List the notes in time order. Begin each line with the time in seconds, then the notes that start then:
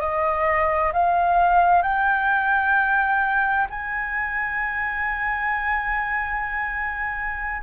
0.00 D#5
0.93 F5
1.83 G5
3.70 G#5